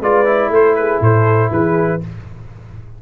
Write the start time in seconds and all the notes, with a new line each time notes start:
0.00 G#3 F4 B4 D5
0.26 E4
0.49 A3 A4 C5
0.75 G#4 B4
1.00 A2 A4 C5
1.51 E3 G#4 B4